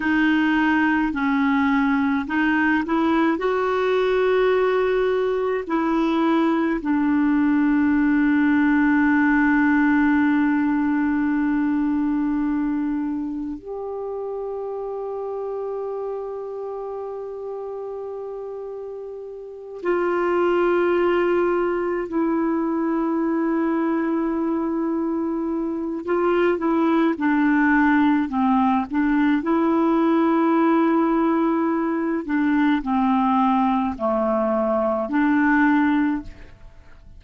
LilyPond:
\new Staff \with { instrumentName = "clarinet" } { \time 4/4 \tempo 4 = 53 dis'4 cis'4 dis'8 e'8 fis'4~ | fis'4 e'4 d'2~ | d'1 | g'1~ |
g'4. f'2 e'8~ | e'2. f'8 e'8 | d'4 c'8 d'8 e'2~ | e'8 d'8 c'4 a4 d'4 | }